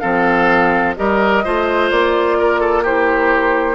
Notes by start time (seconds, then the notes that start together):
0.00 F3 C4 A4 F5
0.96 G3 G4 A#4 D#5
1.44 A3 F4 C5
1.90 A#3 D5
2.39 A#4
2.60 A4
2.83 E4 G4 C5